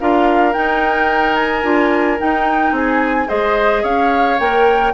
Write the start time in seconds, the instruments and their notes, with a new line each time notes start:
0.00 bassoon D4, clarinet F4, oboe A#4, flute F5
0.53 clarinet D#4, bassoon D#4, flute G5
1.36 flute G#5
1.63 bassoon D4, clarinet F4
2.19 clarinet D#4, bassoon D#4, flute G5
2.72 bassoon C4, oboe G#4, flute G#5
3.27 bassoon G#3, clarinet G#4, oboe C5, flute D#5
3.83 bassoon C#4, oboe C#5, flute F5
4.40 bassoon A#3, clarinet A#4, flute G5